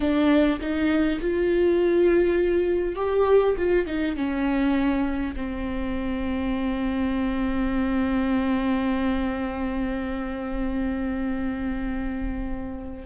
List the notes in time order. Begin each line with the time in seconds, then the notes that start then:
0.00 D4
0.60 D#4
1.20 F4
2.95 G4
3.57 F4
3.86 D#4
4.16 C#4
5.36 C4